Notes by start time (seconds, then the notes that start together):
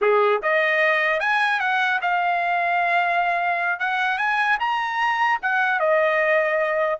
0.01 G#4
0.42 D#5
1.19 G#5
1.60 F#5
2.01 F5
3.79 F#5
4.17 G#5
4.59 A#5
5.42 F#5
5.79 D#5